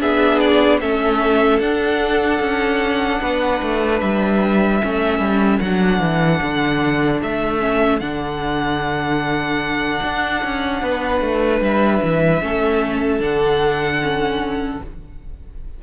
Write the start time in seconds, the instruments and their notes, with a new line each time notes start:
0.00 cello B3, viola D4, violin G#4 E5
0.39 violin D5
0.80 cello A3, viola C#4, violin A4 E5
1.59 cello D4, viola D4, violin F#5
2.40 cello C#4
3.21 cello B3, violin B4
3.62 cello A3
4.00 cello G3, violin E5
4.81 cello A3, viola C#4, violin A4
5.19 cello G3
5.60 cello F#3, viola D4, violin F#5
6.00 cello E3
6.42 cello D3
7.22 cello A3, violin E5
7.60 viola C#4
7.99 cello D3, viola D4, violin F#5
10.03 cello D4
10.44 cello C#4
10.82 cello B3, violin B4
11.21 cello A3
11.61 cello G3, violin E5
12.02 cello E3
12.41 cello A3, viola C#4, violin A4
13.20 cello D3, viola D4, violin F#5
14.01 viola C#4